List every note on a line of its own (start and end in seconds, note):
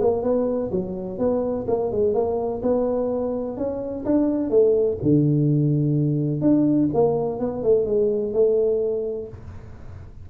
0.00 0.22 A#3
0.22 0.70 B3
0.71 1.18 F#3
1.18 1.66 B3
1.67 1.91 A#3
1.91 2.14 G#3
2.14 2.61 A#3
2.62 3.57 B3
3.57 4.05 C#4
4.05 4.50 D4
4.50 4.97 A3
5.02 6.41 D3
6.41 6.89 D4
6.93 7.39 A#3
7.39 7.63 B3
7.63 7.85 A3
7.85 8.33 G#3
8.33 9.28 A3